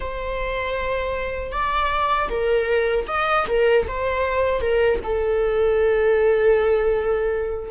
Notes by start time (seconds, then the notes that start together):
0.00 C5
1.51 D5
2.29 A#4
3.07 D#5
3.48 A#4
3.87 C5
4.60 A#4
5.03 A4